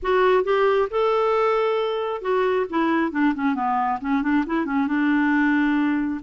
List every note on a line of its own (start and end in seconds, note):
0.02 0.44 F#4
0.44 0.88 G4
0.90 2.21 A4
2.21 2.66 F#4
2.69 3.11 E4
3.11 3.34 D4
3.34 3.54 C#4
3.54 3.99 B3
4.01 4.22 C#4
4.22 4.44 D4
4.46 4.65 E4
4.65 4.87 C#4
4.87 6.20 D4